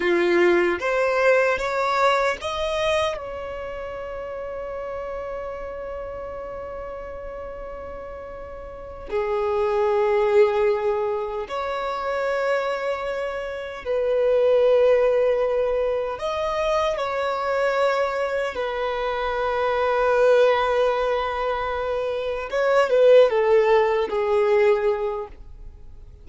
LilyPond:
\new Staff \with { instrumentName = "violin" } { \time 4/4 \tempo 4 = 76 f'4 c''4 cis''4 dis''4 | cis''1~ | cis''2.~ cis''8 gis'8~ | gis'2~ gis'8 cis''4.~ |
cis''4. b'2~ b'8~ | b'8 dis''4 cis''2 b'8~ | b'1~ | b'8 cis''8 b'8 a'4 gis'4. | }